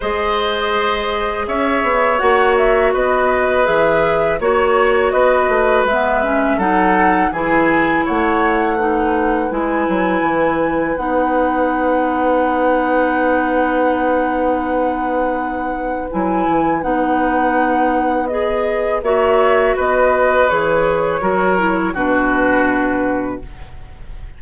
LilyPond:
<<
  \new Staff \with { instrumentName = "flute" } { \time 4/4 \tempo 4 = 82 dis''2 e''4 fis''8 e''8 | dis''4 e''4 cis''4 dis''4 | e''4 fis''4 gis''4 fis''4~ | fis''4 gis''2 fis''4~ |
fis''1~ | fis''2 gis''4 fis''4~ | fis''4 dis''4 e''4 dis''4 | cis''2 b'2 | }
  \new Staff \with { instrumentName = "oboe" } { \time 4/4 c''2 cis''2 | b'2 cis''4 b'4~ | b'4 a'4 gis'4 cis''4 | b'1~ |
b'1~ | b'1~ | b'2 cis''4 b'4~ | b'4 ais'4 fis'2 | }
  \new Staff \with { instrumentName = "clarinet" } { \time 4/4 gis'2. fis'4~ | fis'4 gis'4 fis'2 | b8 cis'8 dis'4 e'2 | dis'4 e'2 dis'4~ |
dis'1~ | dis'2 e'4 dis'4~ | dis'4 gis'4 fis'2 | gis'4 fis'8 e'8 d'2 | }
  \new Staff \with { instrumentName = "bassoon" } { \time 4/4 gis2 cis'8 b8 ais4 | b4 e4 ais4 b8 a8 | gis4 fis4 e4 a4~ | a4 gis8 fis8 e4 b4~ |
b1~ | b2 fis8 e8 b4~ | b2 ais4 b4 | e4 fis4 b,2 | }
>>